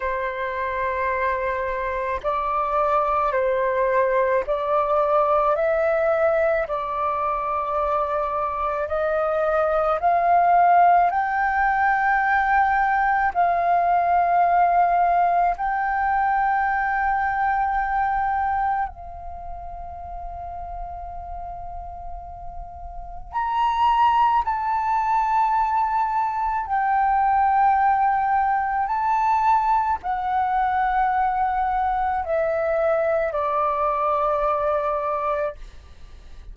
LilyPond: \new Staff \with { instrumentName = "flute" } { \time 4/4 \tempo 4 = 54 c''2 d''4 c''4 | d''4 e''4 d''2 | dis''4 f''4 g''2 | f''2 g''2~ |
g''4 f''2.~ | f''4 ais''4 a''2 | g''2 a''4 fis''4~ | fis''4 e''4 d''2 | }